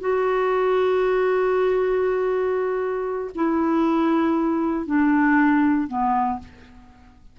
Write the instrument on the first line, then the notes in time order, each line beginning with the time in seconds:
clarinet
0.00 F#4
3.35 E4
4.86 D4
5.88 B3